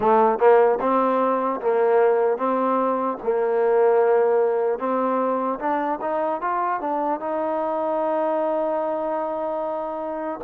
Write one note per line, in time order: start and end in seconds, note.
0.00 0.39 A3
0.39 0.79 A#3
0.80 1.60 C4
1.60 2.37 A#3
2.37 3.17 C4
3.23 4.78 A#3
4.78 5.58 C4
5.59 5.99 D4
6.01 6.41 D#4
6.41 6.80 F4
6.80 7.20 D4
7.20 10.40 D#4